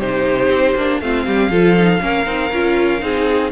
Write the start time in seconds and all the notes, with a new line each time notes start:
0.00 C3 D#4 G4 C5
0.49 C4
0.76 A#3 D4
1.01 A3 C4 F4 F5
1.26 G3 G4
1.50 F3 F4 A4
1.78 D#4
2.00 A#3 C#4 A#4
2.26 C4 D#4
2.52 C#4 F4
3.00 C4 D#4 G#4